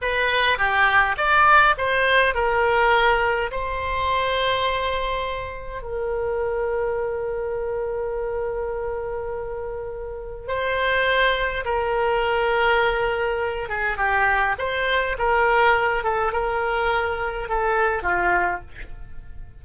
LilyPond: \new Staff \with { instrumentName = "oboe" } { \time 4/4 \tempo 4 = 103 b'4 g'4 d''4 c''4 | ais'2 c''2~ | c''2 ais'2~ | ais'1~ |
ais'2 c''2 | ais'2.~ ais'8 gis'8 | g'4 c''4 ais'4. a'8 | ais'2 a'4 f'4 | }